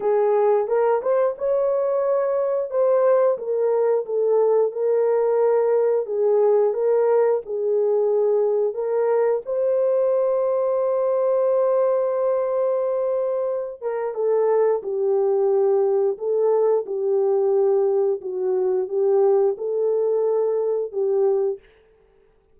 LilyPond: \new Staff \with { instrumentName = "horn" } { \time 4/4 \tempo 4 = 89 gis'4 ais'8 c''8 cis''2 | c''4 ais'4 a'4 ais'4~ | ais'4 gis'4 ais'4 gis'4~ | gis'4 ais'4 c''2~ |
c''1~ | c''8 ais'8 a'4 g'2 | a'4 g'2 fis'4 | g'4 a'2 g'4 | }